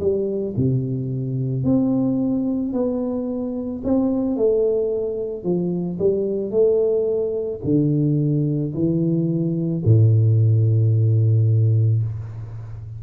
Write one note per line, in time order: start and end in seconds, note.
0.00 0.55 G3
0.57 1.64 C3
1.64 2.73 C4
2.73 3.82 B3
3.84 4.36 C4
4.36 5.44 A3
5.44 5.99 F3
5.99 6.51 G3
6.51 7.60 A3
7.64 8.73 D3
8.74 9.83 E3
9.85 12.03 A2